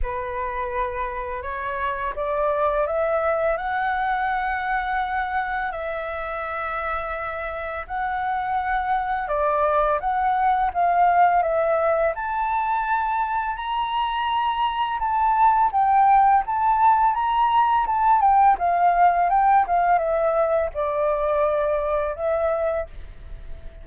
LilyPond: \new Staff \with { instrumentName = "flute" } { \time 4/4 \tempo 4 = 84 b'2 cis''4 d''4 | e''4 fis''2. | e''2. fis''4~ | fis''4 d''4 fis''4 f''4 |
e''4 a''2 ais''4~ | ais''4 a''4 g''4 a''4 | ais''4 a''8 g''8 f''4 g''8 f''8 | e''4 d''2 e''4 | }